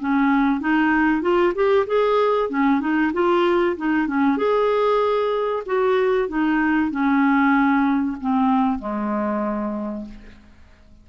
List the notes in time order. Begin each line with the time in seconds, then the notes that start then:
0.00 C#4
0.61 D#4
1.22 F4
1.55 G4
1.87 G#4
2.50 C#4
2.80 D#4
3.13 F4
3.77 D#4
4.07 C#4
4.37 G#4
5.66 F#4
6.29 D#4
6.91 C#4
8.21 C4
8.79 G#3